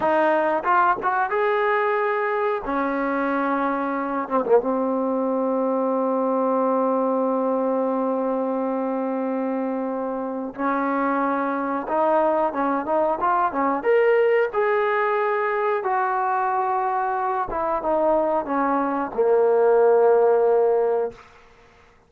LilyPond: \new Staff \with { instrumentName = "trombone" } { \time 4/4 \tempo 4 = 91 dis'4 f'8 fis'8 gis'2 | cis'2~ cis'8 c'16 ais16 c'4~ | c'1~ | c'1 |
cis'2 dis'4 cis'8 dis'8 | f'8 cis'8 ais'4 gis'2 | fis'2~ fis'8 e'8 dis'4 | cis'4 ais2. | }